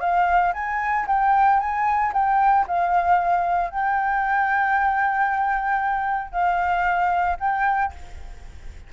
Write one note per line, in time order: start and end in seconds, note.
0.00 0.53 F5
0.53 1.06 G#5
1.07 1.60 G5
1.60 2.12 G#5
2.13 2.66 G5
2.67 3.71 F5
3.71 6.32 G5
6.32 7.37 F5
7.40 7.93 G5